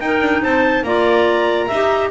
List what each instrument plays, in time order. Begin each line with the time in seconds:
0.00 double bass D#4, clarinet D#4 A#4, trumpet G5
0.21 double bass D4
0.43 double bass C4, clarinet C5, trumpet A5
0.83 double bass A#3, clarinet F4 D5, trumpet A#5
1.67 double bass D#4, clarinet E5
1.74 clarinet G4